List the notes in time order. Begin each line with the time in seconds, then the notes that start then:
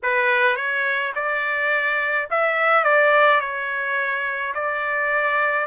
0.03 B4
0.56 C#5
1.15 D5
2.30 E5
2.84 D5
3.40 C#5
4.54 D5